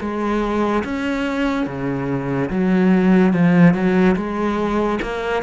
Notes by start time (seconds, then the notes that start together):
0.00 G#3
0.84 C#4
1.66 C#3
2.50 F#3
3.33 F3
3.74 F#3
4.16 G#3
5.02 A#3